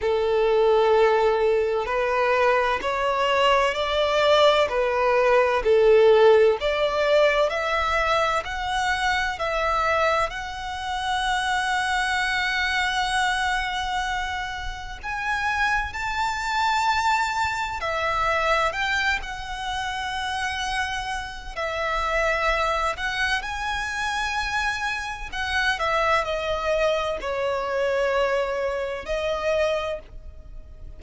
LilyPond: \new Staff \with { instrumentName = "violin" } { \time 4/4 \tempo 4 = 64 a'2 b'4 cis''4 | d''4 b'4 a'4 d''4 | e''4 fis''4 e''4 fis''4~ | fis''1 |
gis''4 a''2 e''4 | g''8 fis''2~ fis''8 e''4~ | e''8 fis''8 gis''2 fis''8 e''8 | dis''4 cis''2 dis''4 | }